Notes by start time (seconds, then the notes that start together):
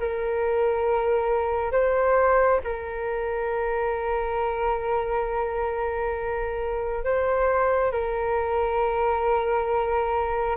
0.00 A#4
1.72 C5
2.64 A#4
7.04 C5
7.92 A#4